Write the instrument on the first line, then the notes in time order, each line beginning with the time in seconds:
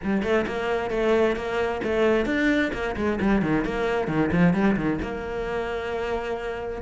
cello
0.03 G3
0.23 A3
0.46 A#3
0.90 A3
1.35 A#3
1.83 A3
2.25 D4
2.73 A#3
2.96 G#3
3.20 G3
3.42 D#3
3.64 A#3
4.07 D#3
4.32 F3
4.53 G3
4.76 D#3
5.02 A#3